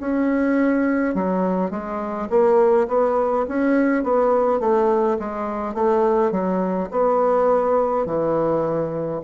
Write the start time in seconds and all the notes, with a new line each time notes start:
0.00 C#4
1.15 F#3
1.70 G#3
2.30 A#3
2.88 B3
3.48 C#4
4.03 B3
4.59 A3
5.19 G#3
5.74 A3
6.31 F#3
6.91 B3
8.06 E3